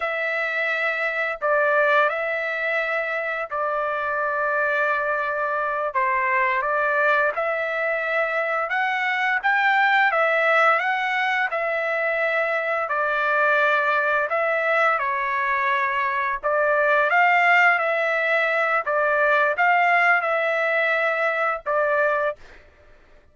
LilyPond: \new Staff \with { instrumentName = "trumpet" } { \time 4/4 \tempo 4 = 86 e''2 d''4 e''4~ | e''4 d''2.~ | d''8 c''4 d''4 e''4.~ | e''8 fis''4 g''4 e''4 fis''8~ |
fis''8 e''2 d''4.~ | d''8 e''4 cis''2 d''8~ | d''8 f''4 e''4. d''4 | f''4 e''2 d''4 | }